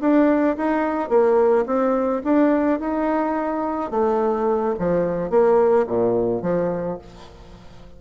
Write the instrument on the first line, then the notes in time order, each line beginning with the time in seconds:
bassoon
0.00 D4
0.57 D#4
1.09 A#3
1.66 C4
2.24 D4
2.79 D#4
3.90 A3
4.78 F3
5.30 A#3
5.86 A#2
6.42 F3